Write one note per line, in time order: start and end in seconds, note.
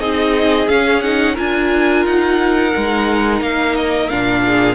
0.00 0.68 C4
0.00 0.69 D#4
0.00 1.35 G#4
0.00 0.69 D#5
0.69 1.03 C#4
0.69 1.38 C#4
0.69 1.02 F5
1.02 1.36 D#4
1.02 1.36 F#5
1.35 2.06 D4
1.35 2.72 F4
1.35 4.41 A#4
1.35 2.06 G#5
2.06 2.74 D#4
2.06 3.42 F#5
2.73 3.42 G#3
2.73 4.10 D#4
3.42 4.10 A#3
3.42 3.76 F5
3.76 4.10 D#5
4.10 4.75 A#2
4.10 4.75 D4
4.10 4.75 F5
4.46 4.75 G#4